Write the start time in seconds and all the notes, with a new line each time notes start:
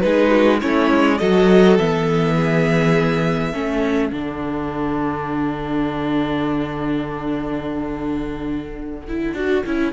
0.00 G#3 D#4 G#4 B4
0.30 F#4
0.61 A3 C#4 E4 C#5
0.91 G#3
1.18 F#3 F#4 A4 D#5
1.78 E3 B3 E5
2.35 G#4
3.50 A3 C#4 A4
4.11 D3 D4 F#5
9.08 E4
9.33 D4 F#4
9.65 C#4 E4